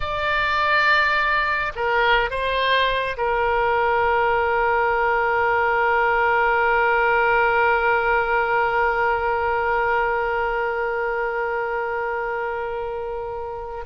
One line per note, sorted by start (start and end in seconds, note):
0.00 1.72 D5
1.75 2.30 A#4
2.30 3.16 C5
3.17 13.84 A#4